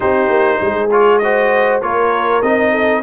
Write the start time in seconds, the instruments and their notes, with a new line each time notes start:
0.00 tuba C4, trombone D#4, horn G4, trumpet C5
0.29 tuba A#3
0.61 tuba G#3, horn G#4
0.91 trombone F4, trumpet C#5
1.18 trombone F#4, horn C5, trumpet D#5
1.82 tuba A#3, trombone F4, horn A#4, trumpet C#5
2.42 tuba C4, trombone D#4, trumpet D#5
2.71 horn A4